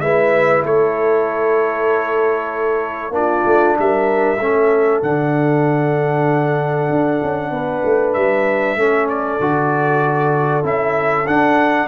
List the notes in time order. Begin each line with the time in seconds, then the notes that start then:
0.00 G#3 E4 B4 E5
0.64 A3 A4 C#5
3.10 A#3 D4 F4 D5
3.45 A3
3.79 G3 A#4 E5
4.39 A3 C#4 A4
5.02 D3 D4 F#5
6.90 D4
7.23 C#4
7.51 B3 B4
7.85 A3
8.14 G3 E5
8.76 A3 C#4 A4
9.09 D5
9.40 D3 F#4
10.63 C#4 E4 E5
11.27 D4 F#5